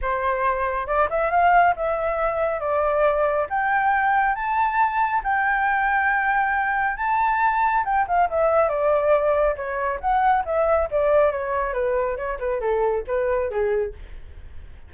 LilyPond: \new Staff \with { instrumentName = "flute" } { \time 4/4 \tempo 4 = 138 c''2 d''8 e''8 f''4 | e''2 d''2 | g''2 a''2 | g''1 |
a''2 g''8 f''8 e''4 | d''2 cis''4 fis''4 | e''4 d''4 cis''4 b'4 | cis''8 b'8 a'4 b'4 gis'4 | }